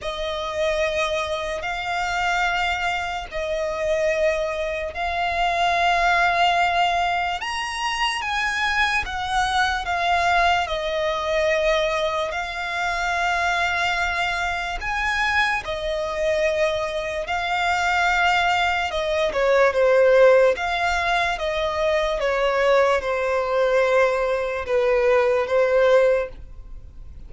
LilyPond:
\new Staff \with { instrumentName = "violin" } { \time 4/4 \tempo 4 = 73 dis''2 f''2 | dis''2 f''2~ | f''4 ais''4 gis''4 fis''4 | f''4 dis''2 f''4~ |
f''2 gis''4 dis''4~ | dis''4 f''2 dis''8 cis''8 | c''4 f''4 dis''4 cis''4 | c''2 b'4 c''4 | }